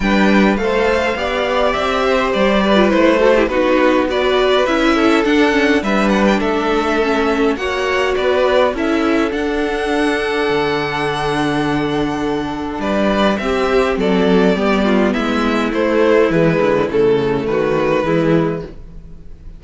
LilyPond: <<
  \new Staff \with { instrumentName = "violin" } { \time 4/4 \tempo 4 = 103 g''4 f''2 e''4 | d''4 c''4 b'4 d''4 | e''4 fis''4 e''8 fis''16 g''16 e''4~ | e''4 fis''4 d''4 e''4 |
fis''1~ | fis''2 d''4 e''4 | d''2 e''4 c''4 | b'4 a'4 b'2 | }
  \new Staff \with { instrumentName = "violin" } { \time 4/4 b'4 c''4 d''4. c''8~ | c''8 b'4 a'16 g'16 fis'4 b'4~ | b'8 a'4. b'4 a'4~ | a'4 cis''4 b'4 a'4~ |
a'1~ | a'2 b'4 g'4 | a'4 g'8 f'8 e'2~ | e'2 fis'4 e'4 | }
  \new Staff \with { instrumentName = "viola" } { \time 4/4 d'4 a'4 g'2~ | g'8. f'16 e'8 fis'16 e'16 dis'4 fis'4 | e'4 d'8 cis'8 d'2 | cis'4 fis'2 e'4 |
d'1~ | d'2. c'4~ | c'4 b2 a4 | gis4 a2 gis4 | }
  \new Staff \with { instrumentName = "cello" } { \time 4/4 g4 a4 b4 c'4 | g4 a4 b2 | cis'4 d'4 g4 a4~ | a4 ais4 b4 cis'4 |
d'2 d2~ | d2 g4 c'4 | fis4 g4 gis4 a4 | e8 d8 cis4 dis4 e4 | }
>>